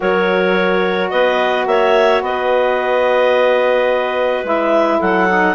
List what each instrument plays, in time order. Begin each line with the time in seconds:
0.00 bassoon F#3, saxophone F#4, clarinet A#4 C#5
1.09 bassoon B3, clarinet B4 D#5
1.66 bassoon A#3, clarinet C#5 E5
2.21 bassoon B3, clarinet B4 D#5
4.44 bassoon G#3, saxophone E4, clarinet E5
4.99 bassoon F#3, clarinet A4 F#5
5.27 saxophone D#4